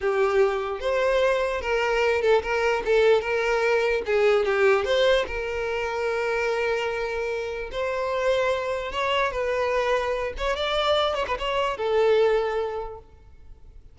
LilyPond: \new Staff \with { instrumentName = "violin" } { \time 4/4 \tempo 4 = 148 g'2 c''2 | ais'4. a'8 ais'4 a'4 | ais'2 gis'4 g'4 | c''4 ais'2.~ |
ais'2. c''4~ | c''2 cis''4 b'4~ | b'4. cis''8 d''4. cis''16 b'16 | cis''4 a'2. | }